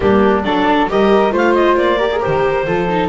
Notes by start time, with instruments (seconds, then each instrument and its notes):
0.00 double bass G3, viola A#3, flute D4, clarinet G4
0.42 double bass F#3, viola D4, flute A4, clarinet D5
0.89 double bass G3, viola G4, flute A#4, clarinet D#5
1.30 double bass A3, viola F4, flute C5
1.36 clarinet F5
1.54 clarinet D#5
1.76 double bass A#3, clarinet D5
1.97 viola G4, flute A#4
2.11 viola G#4
2.20 viola G4, clarinet C5
2.27 double bass D#3
2.66 double bass F3, viola F4, flute A4
2.89 viola D#4